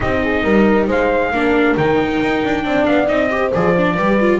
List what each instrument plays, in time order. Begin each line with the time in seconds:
0.00 double bass C4, viola D#4, horn G4, trumpet D#5
0.22 horn G#4
0.43 double bass G3, horn A#4
0.87 double bass G#3, horn C5, trumpet F5
1.31 double bass A#3, viola D4, horn A#4
1.76 double bass D#3, viola D#4, trumpet G5
2.21 double bass D#4
2.44 double bass D4
2.62 double bass C4, viola D4, horn D5
2.85 double bass B3, trumpet F5
3.07 double bass C4, viola D#4, trumpet D#5
3.30 viola G4, horn C5
3.54 double bass F3, viola G#4, trumpet D5
3.76 viola D4
3.94 double bass G3, viola G4, horn B4
4.20 viola F4